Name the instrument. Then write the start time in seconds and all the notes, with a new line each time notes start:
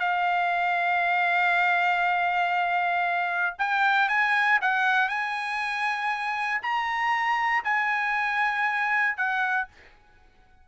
trumpet
0.00 F5
3.58 G5
4.09 G#5
4.62 F#5
5.08 G#5
6.62 A#5
7.65 G#5
9.17 F#5